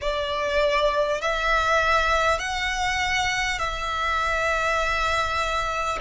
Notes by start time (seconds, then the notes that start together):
0.01 D5
1.21 E5
2.38 F#5
3.58 E5